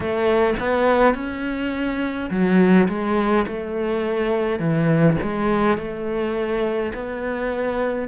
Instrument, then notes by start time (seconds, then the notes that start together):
cello
0.00 A3
0.59 B3
1.14 C#4
2.30 F#3
2.88 G#3
3.47 A3
4.58 E3
5.22 G#3
5.77 A3
6.93 B3